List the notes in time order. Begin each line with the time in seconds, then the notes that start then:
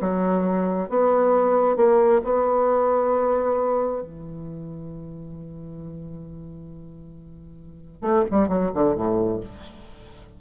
0.00 F#3
0.89 B3
1.76 A#3
2.24 B3
4.02 E3
8.01 A3
8.31 G3
8.48 F#3
8.74 D3
8.95 A2